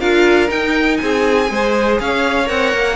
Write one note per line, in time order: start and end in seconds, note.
0.00 0.50 D4
0.00 0.48 F4
0.00 0.99 A#4
0.00 0.50 F5
0.48 1.47 D#4
0.48 1.00 D#4
0.48 0.97 G5
0.97 1.50 C4
0.97 1.52 G#4
0.97 1.96 G#5
1.48 2.00 G#3
1.48 2.46 G#4
1.48 2.01 C5
2.00 2.49 C#4
2.00 2.96 C#5
2.00 2.48 F5
2.46 2.73 C4
2.46 2.95 A#4
2.46 2.96 F#5
2.73 2.96 A#3